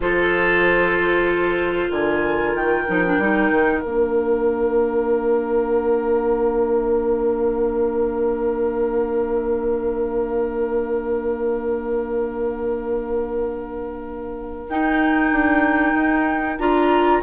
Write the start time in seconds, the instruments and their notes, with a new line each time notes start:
0.00 bassoon F3, clarinet F4, oboe A4, flute C5
1.89 bassoon D3, oboe A#4, flute G#5
2.54 bassoon D#3, flute G5
2.88 bassoon F3, clarinet D#4
3.06 clarinet D4
3.18 bassoon G3, clarinet D#4
3.50 bassoon D#3
3.80 bassoon A#3, clarinet D4, flute F5
14.68 bassoon D#4, clarinet D#4, flute G5
15.32 bassoon D4
15.94 bassoon D#4
16.58 bassoon D4, clarinet F4, flute A#5